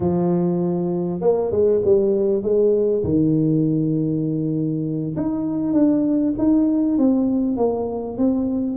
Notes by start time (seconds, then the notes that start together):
0.00 F3
1.20 A#3
1.51 G#3
1.84 G3
2.42 G#3
3.03 D#3
5.16 D#4
5.73 D4
6.38 D#4
6.98 C4
7.56 A#3
8.17 C4